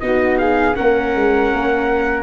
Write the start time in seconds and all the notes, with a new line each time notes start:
0.00 B3 D#4 F#4 D#5
0.38 G#4 F5
0.75 A#3 C#4 A#4 F#5
1.15 G#3
1.53 A#3